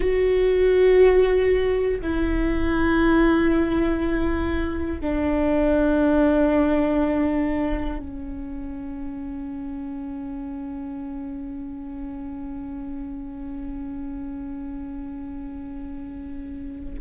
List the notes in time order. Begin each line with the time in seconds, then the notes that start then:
0.00 F#4
2.00 E4
5.00 D4
7.99 C#4